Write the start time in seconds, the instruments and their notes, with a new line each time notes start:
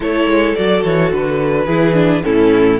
0.00 cello A3, viola E4, violin A4 C#5
0.26 cello G#3
0.55 cello F#3, viola F#4, violin D5
0.83 cello E3, violin C#5
1.12 cello D3, violin B4
1.66 cello E3, viola E4, violin G#4
1.93 viola D4
2.23 cello A2, viola C#4, violin E4 A4